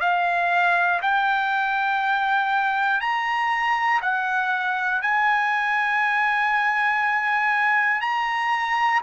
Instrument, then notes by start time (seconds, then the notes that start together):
trumpet
0.00 F5
1.01 G5
3.01 A#5
4.01 F#5
5.02 G#5
8.01 A#5